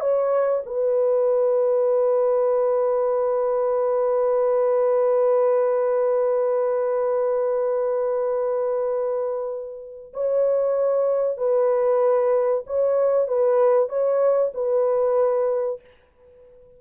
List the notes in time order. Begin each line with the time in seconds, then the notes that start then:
0.00 C#5
0.65 B4
10.13 C#5
11.37 B4
12.66 C#5
13.27 B4
13.89 C#5
14.54 B4